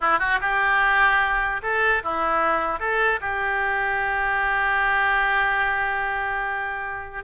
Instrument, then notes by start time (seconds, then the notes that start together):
oboe
0.01 E4
0.19 F#4
0.40 G4
1.62 A4
2.03 E4
2.79 A4
3.20 G4